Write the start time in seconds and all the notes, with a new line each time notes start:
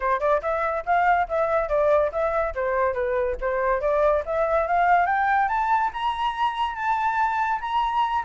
0.00 C5
0.20 D5
0.41 E5
0.85 F5
1.28 E5
1.69 D5
2.11 E5
2.54 C5
2.93 B4
3.41 C5
3.80 D5
4.25 E5
4.67 F5
5.06 G5
5.48 A5
5.93 A#5
6.75 A5
7.61 A#5